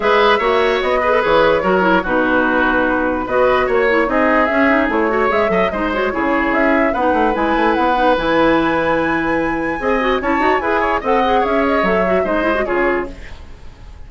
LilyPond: <<
  \new Staff \with { instrumentName = "flute" } { \time 4/4 \tempo 4 = 147 e''2 dis''4 cis''4~ | cis''4 b'2. | dis''4 cis''4 dis''4 e''4 | cis''4 e''4 dis''8 cis''4. |
e''4 fis''4 gis''4 fis''4 | gis''1~ | gis''4 a''4 gis''4 fis''4 | e''8 dis''8 e''4 dis''4 cis''4 | }
  \new Staff \with { instrumentName = "oboe" } { \time 4/4 b'4 cis''4. b'4. | ais'4 fis'2. | b'4 cis''4 gis'2~ | gis'8 cis''4 dis''8 c''4 gis'4~ |
gis'4 b'2.~ | b'1 | dis''4 cis''4 b'8 cis''8 dis''4 | cis''2 c''4 gis'4 | }
  \new Staff \with { instrumentName = "clarinet" } { \time 4/4 gis'4 fis'4. gis'16 a'16 gis'4 | fis'8 e'8 dis'2. | fis'4. e'8 dis'4 cis'8 dis'8 | e'8 fis'8 gis'8 a'8 dis'8 fis'8 e'4~ |
e'4 dis'4 e'4. dis'8 | e'1 | gis'8 fis'8 e'8 fis'8 gis'4 a'8 gis'8~ | gis'4 a'8 fis'8 dis'8 e'16 fis'16 f'4 | }
  \new Staff \with { instrumentName = "bassoon" } { \time 4/4 gis4 ais4 b4 e4 | fis4 b,2. | b4 ais4 c'4 cis'4 | a4 gis8 fis8 gis4 cis4 |
cis'4 b8 a8 gis8 a8 b4 | e1 | c'4 cis'8 dis'8 e'4 c'4 | cis'4 fis4 gis4 cis4 | }
>>